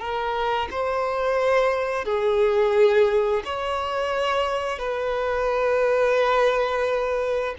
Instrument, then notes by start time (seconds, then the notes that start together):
violin
0.00 A#4
0.71 C5
2.05 G#4
3.45 C#5
4.79 B4